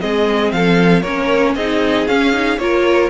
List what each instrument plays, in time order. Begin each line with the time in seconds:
0.00 cello G#3, viola C4, violin G#4 D#5
0.52 cello F3, violin A4 F5
1.02 cello A#3, viola C#4, violin A#4 C#5
1.55 cello C4, viola D#4, violin G#4 D#5
2.07 viola C#4, cello C#4, violin F5
2.33 viola D#4
2.58 cello A#3, viola F4, violin A#4 C#5